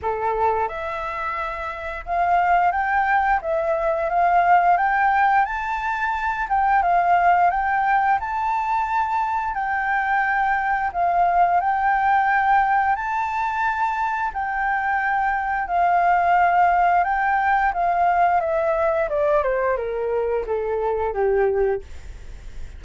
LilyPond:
\new Staff \with { instrumentName = "flute" } { \time 4/4 \tempo 4 = 88 a'4 e''2 f''4 | g''4 e''4 f''4 g''4 | a''4. g''8 f''4 g''4 | a''2 g''2 |
f''4 g''2 a''4~ | a''4 g''2 f''4~ | f''4 g''4 f''4 e''4 | d''8 c''8 ais'4 a'4 g'4 | }